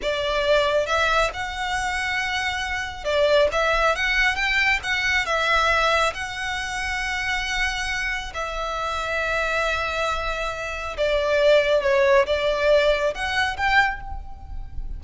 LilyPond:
\new Staff \with { instrumentName = "violin" } { \time 4/4 \tempo 4 = 137 d''2 e''4 fis''4~ | fis''2. d''4 | e''4 fis''4 g''4 fis''4 | e''2 fis''2~ |
fis''2. e''4~ | e''1~ | e''4 d''2 cis''4 | d''2 fis''4 g''4 | }